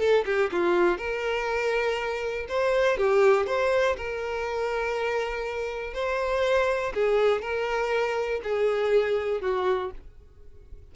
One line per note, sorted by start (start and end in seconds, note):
0.00 0.25 A4
0.26 0.50 G4
0.52 0.98 F4
0.98 2.47 A#4
2.49 2.98 C5
2.98 3.47 G4
3.47 3.97 C5
3.97 5.94 A#4
5.94 6.94 C5
6.95 7.42 G#4
7.42 8.42 A#4
8.44 9.42 G#4
9.42 9.91 F#4